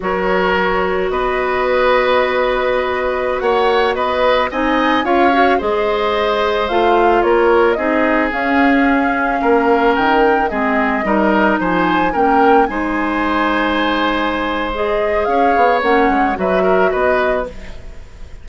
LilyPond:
<<
  \new Staff \with { instrumentName = "flute" } { \time 4/4 \tempo 4 = 110 cis''2 dis''2~ | dis''2~ dis''16 fis''4 dis''8.~ | dis''16 gis''4 f''4 dis''4.~ dis''16~ | dis''16 f''4 cis''4 dis''4 f''8.~ |
f''2~ f''16 g''4 dis''8.~ | dis''4~ dis''16 gis''4 g''4 gis''8.~ | gis''2. dis''4 | f''4 fis''4 e''4 dis''4 | }
  \new Staff \with { instrumentName = "oboe" } { \time 4/4 ais'2 b'2~ | b'2~ b'16 cis''4 b'8.~ | b'16 dis''4 cis''4 c''4.~ c''16~ | c''4~ c''16 ais'4 gis'4.~ gis'16~ |
gis'4~ gis'16 ais'2 gis'8.~ | gis'16 ais'4 c''4 ais'4 c''8.~ | c''1 | cis''2 b'8 ais'8 b'4 | }
  \new Staff \with { instrumentName = "clarinet" } { \time 4/4 fis'1~ | fis'1~ | fis'16 dis'4 f'8 fis'8 gis'4.~ gis'16~ | gis'16 f'2 dis'4 cis'8.~ |
cis'2.~ cis'16 c'8.~ | c'16 dis'2 cis'4 dis'8.~ | dis'2. gis'4~ | gis'4 cis'4 fis'2 | }
  \new Staff \with { instrumentName = "bassoon" } { \time 4/4 fis2 b2~ | b2~ b16 ais4 b8.~ | b16 c'4 cis'4 gis4.~ gis16~ | gis16 a4 ais4 c'4 cis'8.~ |
cis'4~ cis'16 ais4 dis4 gis8.~ | gis16 g4 f4 ais4 gis8.~ | gis1 | cis'8 b8 ais8 gis8 fis4 b4 | }
>>